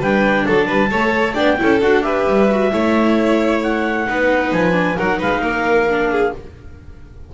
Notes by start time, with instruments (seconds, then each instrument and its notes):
0.00 double bass G3, viola D4, violin B4, clarinet G5
0.46 double bass F#3, violin A4, clarinet A5
0.68 double bass G3, violin B4
0.91 double bass A3, viola A4, violin C#5
1.34 double bass B3, viola D4, violin D5, clarinet G5
1.58 double bass C#4, viola E4, violin A4
1.81 double bass D4, viola F#4, clarinet F#5
2.03 viola G4, violin B4, clarinet E5
2.28 double bass G3
2.52 viola F#4
2.72 double bass A3, viola E4, violin C#5
3.64 clarinet F#5
4.07 double bass B3, viola D#4, violin B4
4.53 double bass F3, clarinet G#5
4.72 viola D4
4.97 double bass F#3, viola D#4, violin A#4, clarinet F#5
5.19 double bass G#3, violin B4, clarinet F5
5.42 double bass A#3, violin A#4
5.89 viola D4
6.11 violin G#4